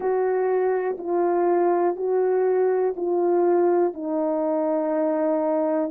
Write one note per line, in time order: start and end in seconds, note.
0.00 0.96 F#4
0.97 1.96 F4
1.96 2.94 F#4
2.96 3.93 F4
3.93 5.90 D#4